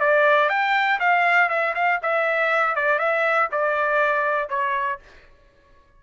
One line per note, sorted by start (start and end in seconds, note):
0.00 0.49 D5
0.49 0.99 G5
0.99 1.49 F5
1.49 1.74 E5
1.75 2.00 F5
2.02 2.75 E5
2.75 2.99 D5
2.99 3.49 E5
3.52 4.49 D5
4.49 4.99 C#5